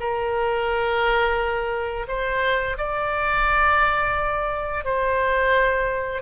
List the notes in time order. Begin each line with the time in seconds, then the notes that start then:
0.00 A#4
2.08 C5
2.78 D5
4.85 C5